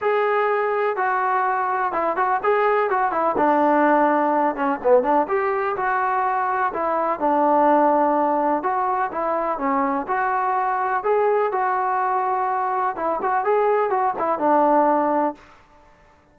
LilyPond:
\new Staff \with { instrumentName = "trombone" } { \time 4/4 \tempo 4 = 125 gis'2 fis'2 | e'8 fis'8 gis'4 fis'8 e'8 d'4~ | d'4. cis'8 b8 d'8 g'4 | fis'2 e'4 d'4~ |
d'2 fis'4 e'4 | cis'4 fis'2 gis'4 | fis'2. e'8 fis'8 | gis'4 fis'8 e'8 d'2 | }